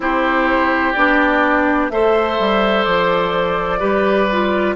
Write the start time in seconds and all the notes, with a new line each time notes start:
0.00 C4 E4 G4 C5
0.92 B3 D4 D5
1.90 A3 A4 C5 E5
2.39 G3
2.84 F3 D5
3.79 G3 G4 B4
4.31 F4